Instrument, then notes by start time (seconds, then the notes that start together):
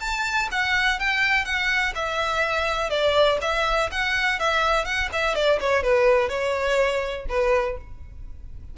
violin
0.00 A5
0.51 F#5
1.00 G5
1.45 F#5
1.95 E5
2.90 D5
3.41 E5
3.91 F#5
4.39 E5
4.85 F#5
5.12 E5
5.35 D5
5.60 C#5
5.83 B4
6.29 C#5
7.29 B4